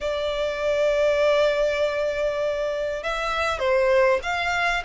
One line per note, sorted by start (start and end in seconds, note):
0.00 3.03 D5
3.03 3.59 E5
3.59 4.20 C5
4.22 4.83 F5